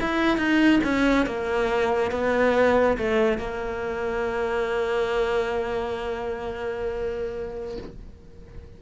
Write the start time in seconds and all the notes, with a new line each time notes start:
0.00 E4
0.37 D#4
0.83 C#4
1.26 A#3
2.11 B3
2.97 A3
3.38 A#3